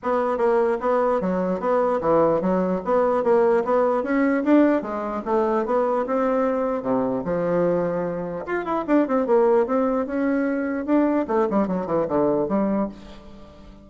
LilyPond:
\new Staff \with { instrumentName = "bassoon" } { \time 4/4 \tempo 4 = 149 b4 ais4 b4 fis4 | b4 e4 fis4 b4 | ais4 b4 cis'4 d'4 | gis4 a4 b4 c'4~ |
c'4 c4 f2~ | f4 f'8 e'8 d'8 c'8 ais4 | c'4 cis'2 d'4 | a8 g8 fis8 e8 d4 g4 | }